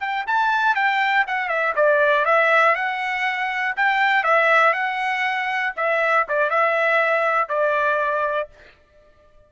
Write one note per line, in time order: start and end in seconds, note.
0.00 0.25 G5
0.27 0.75 A5
0.75 1.25 G5
1.27 1.48 F#5
1.48 1.73 E5
1.75 2.25 D5
2.25 2.75 E5
2.75 3.75 F#5
3.76 4.24 G5
4.24 4.73 E5
4.73 5.73 F#5
5.76 6.26 E5
6.28 6.50 D5
6.50 7.49 E5
7.49 8.49 D5